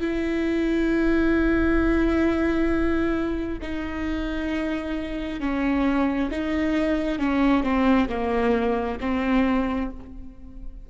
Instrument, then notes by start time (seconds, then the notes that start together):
viola
0.00 E4
3.61 D#4
5.40 C#4
6.31 D#4
7.18 C#4
7.63 C4
8.09 A#3
9.00 C4